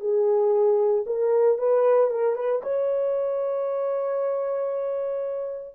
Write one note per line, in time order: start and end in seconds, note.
0.00 1.04 G#4
1.06 1.58 A#4
1.58 2.10 B4
2.10 2.35 A#4
2.35 2.61 B4
2.62 5.74 C#5